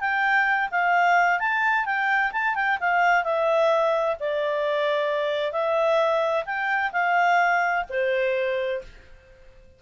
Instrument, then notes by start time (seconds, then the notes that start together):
clarinet
0.00 G5
0.70 F5
1.39 A5
1.85 G5
2.32 A5
2.55 G5
2.80 F5
3.23 E5
4.19 D5
5.52 E5
6.45 G5
6.92 F5
7.89 C5